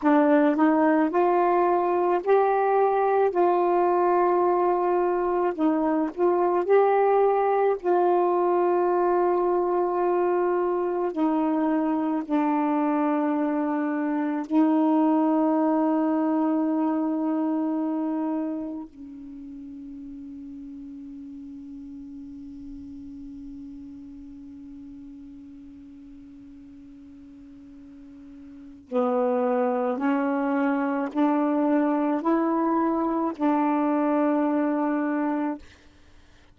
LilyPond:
\new Staff \with { instrumentName = "saxophone" } { \time 4/4 \tempo 4 = 54 d'8 dis'8 f'4 g'4 f'4~ | f'4 dis'8 f'8 g'4 f'4~ | f'2 dis'4 d'4~ | d'4 dis'2.~ |
dis'4 cis'2.~ | cis'1~ | cis'2 b4 cis'4 | d'4 e'4 d'2 | }